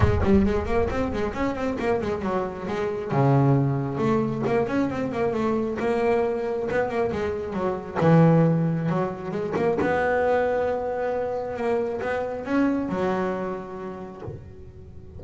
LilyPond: \new Staff \with { instrumentName = "double bass" } { \time 4/4 \tempo 4 = 135 gis8 g8 gis8 ais8 c'8 gis8 cis'8 c'8 | ais8 gis8 fis4 gis4 cis4~ | cis4 a4 ais8 cis'8 c'8 ais8 | a4 ais2 b8 ais8 |
gis4 fis4 e2 | fis4 gis8 ais8 b2~ | b2 ais4 b4 | cis'4 fis2. | }